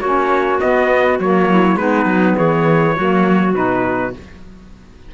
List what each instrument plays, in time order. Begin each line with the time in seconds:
0.00 cello A#3, saxophone C#4, clarinet F#4, trumpet C#5
0.60 saxophone B3, cello B3, trumpet D#5
1.19 cello F#3, saxophone A#3, trumpet C#5
1.50 clarinet E4
1.76 cello G#3, saxophone B3, clarinet D#4, trumpet B4
2.06 cello F#3
2.37 cello E3, clarinet G#4, trumpet C#5
2.96 cello F#3, saxophone A#3, clarinet F#4
3.54 cello B2, saxophone D#4, trumpet B4